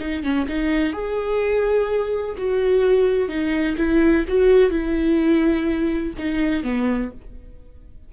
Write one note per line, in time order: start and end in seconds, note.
0.00 0.23 D#4
0.23 0.47 C#4
0.48 0.93 D#4
0.93 2.36 G#4
2.38 3.28 F#4
3.28 3.76 D#4
3.77 4.25 E4
4.28 4.70 F#4
4.70 6.13 E4
6.18 6.63 D#4
6.63 7.11 B3